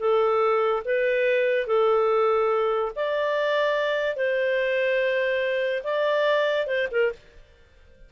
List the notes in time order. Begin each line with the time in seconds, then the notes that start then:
0.00 A4
0.85 B4
1.67 A4
2.96 D5
4.16 C5
5.84 D5
6.67 C5
6.91 A#4